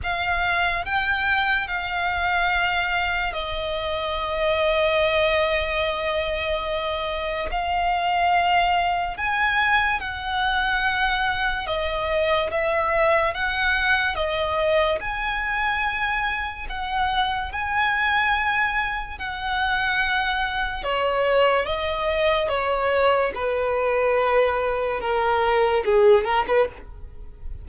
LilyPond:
\new Staff \with { instrumentName = "violin" } { \time 4/4 \tempo 4 = 72 f''4 g''4 f''2 | dis''1~ | dis''4 f''2 gis''4 | fis''2 dis''4 e''4 |
fis''4 dis''4 gis''2 | fis''4 gis''2 fis''4~ | fis''4 cis''4 dis''4 cis''4 | b'2 ais'4 gis'8 ais'16 b'16 | }